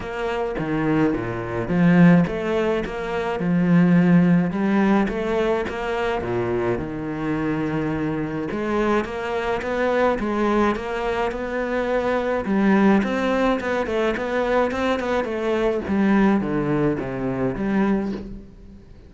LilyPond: \new Staff \with { instrumentName = "cello" } { \time 4/4 \tempo 4 = 106 ais4 dis4 ais,4 f4 | a4 ais4 f2 | g4 a4 ais4 ais,4 | dis2. gis4 |
ais4 b4 gis4 ais4 | b2 g4 c'4 | b8 a8 b4 c'8 b8 a4 | g4 d4 c4 g4 | }